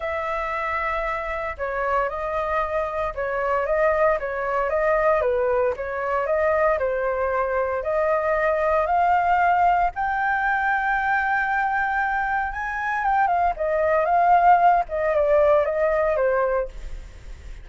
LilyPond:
\new Staff \with { instrumentName = "flute" } { \time 4/4 \tempo 4 = 115 e''2. cis''4 | dis''2 cis''4 dis''4 | cis''4 dis''4 b'4 cis''4 | dis''4 c''2 dis''4~ |
dis''4 f''2 g''4~ | g''1 | gis''4 g''8 f''8 dis''4 f''4~ | f''8 dis''8 d''4 dis''4 c''4 | }